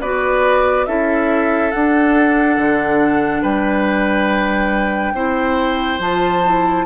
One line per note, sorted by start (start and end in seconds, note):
0.00 0.87 B3
0.00 0.86 F#4
0.00 0.86 B4
0.00 0.85 D5
0.85 1.72 C#4
0.85 1.72 E4
0.85 3.42 A4
0.85 1.71 E5
1.71 5.15 D4
1.71 2.57 D4
1.71 3.42 F#5
2.57 3.42 D3
3.42 5.13 G3
3.42 5.13 B4
3.42 6.00 G5
5.13 5.99 C4
5.13 6.00 E4
5.13 6.85 C5
5.99 6.84 F3
5.99 6.42 F4
5.99 6.85 A5
6.44 6.85 E4